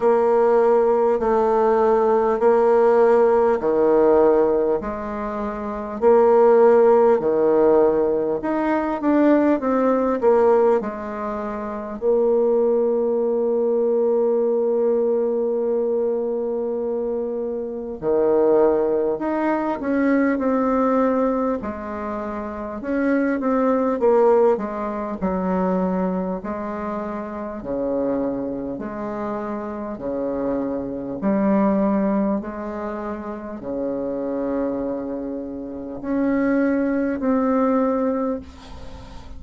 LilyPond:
\new Staff \with { instrumentName = "bassoon" } { \time 4/4 \tempo 4 = 50 ais4 a4 ais4 dis4 | gis4 ais4 dis4 dis'8 d'8 | c'8 ais8 gis4 ais2~ | ais2. dis4 |
dis'8 cis'8 c'4 gis4 cis'8 c'8 | ais8 gis8 fis4 gis4 cis4 | gis4 cis4 g4 gis4 | cis2 cis'4 c'4 | }